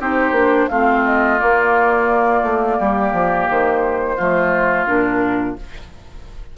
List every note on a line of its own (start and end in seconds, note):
0.00 0.32 C4
0.00 0.35 D#4
0.00 0.70 G4
0.00 0.69 C5
0.32 0.66 A#3
0.32 0.70 D4
0.69 1.40 A3
0.69 1.39 C4
0.69 2.79 F4
0.69 1.04 F5
1.05 1.40 D#5
1.39 4.18 A#3
1.39 2.43 A#3
1.39 3.49 D5
2.43 2.78 A3
2.79 3.13 G3
2.79 4.16 G4
3.13 3.48 F3
3.50 4.19 D#3
3.50 4.86 C5
4.16 4.88 F3
4.16 4.87 A3
4.16 5.56 F4
4.86 5.58 A#2
4.86 5.57 D4
4.86 5.56 A#4